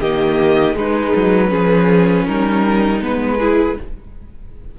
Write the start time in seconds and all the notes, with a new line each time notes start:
0.00 D#3 A#3 G4 D#5
0.73 G#3 D#4 B4
1.15 F#3
1.49 F3 C#4 G#4
2.26 G3 D#4 A#4
3.01 G#3 B3 B4
3.38 E4 G#4